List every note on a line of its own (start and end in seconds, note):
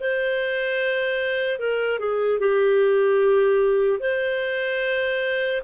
0.00 1.59 C5
1.59 1.99 A#4
1.99 2.39 G#4
2.40 4.00 G4
4.00 5.62 C5